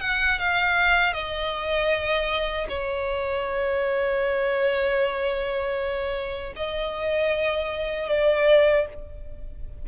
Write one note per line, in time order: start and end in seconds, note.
0.00 0.38 F#5
0.38 1.13 F5
1.13 2.67 D#5
2.69 6.53 C#5
6.56 8.09 D#5
8.09 8.86 D5